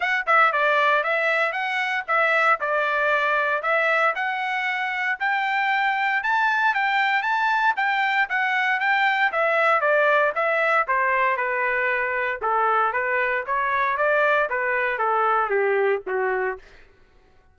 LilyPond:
\new Staff \with { instrumentName = "trumpet" } { \time 4/4 \tempo 4 = 116 fis''8 e''8 d''4 e''4 fis''4 | e''4 d''2 e''4 | fis''2 g''2 | a''4 g''4 a''4 g''4 |
fis''4 g''4 e''4 d''4 | e''4 c''4 b'2 | a'4 b'4 cis''4 d''4 | b'4 a'4 g'4 fis'4 | }